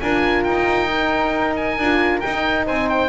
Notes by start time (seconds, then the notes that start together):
0.00 D4 F4 A#4 G#5
0.43 D#4 G5
0.89 D#4
1.56 G#5
1.78 D4 F4
2.20 D#4 G5
2.65 C4 C5 G#5
2.89 G5